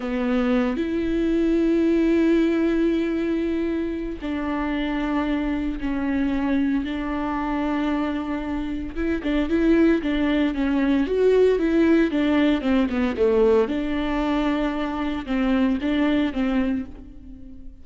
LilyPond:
\new Staff \with { instrumentName = "viola" } { \time 4/4 \tempo 4 = 114 b4. e'2~ e'8~ | e'1 | d'2. cis'4~ | cis'4 d'2.~ |
d'4 e'8 d'8 e'4 d'4 | cis'4 fis'4 e'4 d'4 | c'8 b8 a4 d'2~ | d'4 c'4 d'4 c'4 | }